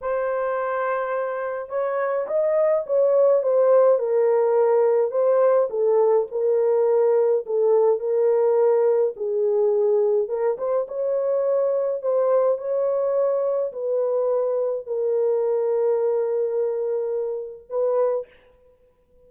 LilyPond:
\new Staff \with { instrumentName = "horn" } { \time 4/4 \tempo 4 = 105 c''2. cis''4 | dis''4 cis''4 c''4 ais'4~ | ais'4 c''4 a'4 ais'4~ | ais'4 a'4 ais'2 |
gis'2 ais'8 c''8 cis''4~ | cis''4 c''4 cis''2 | b'2 ais'2~ | ais'2. b'4 | }